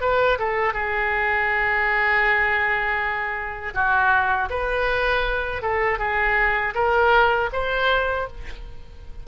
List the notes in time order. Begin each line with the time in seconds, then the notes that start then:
0.00 B4
0.38 A4
0.73 G#4
3.74 F#4
4.50 B4
5.62 A4
5.98 G#4
6.74 A#4
7.52 C5